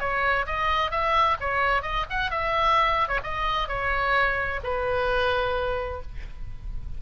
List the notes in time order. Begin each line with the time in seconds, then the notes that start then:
0.00 C#5
0.47 D#5
0.91 E5
1.40 C#5
1.82 D#5
2.10 F#5
2.31 E5
3.08 C#5
3.23 D#5
3.68 C#5
4.63 B4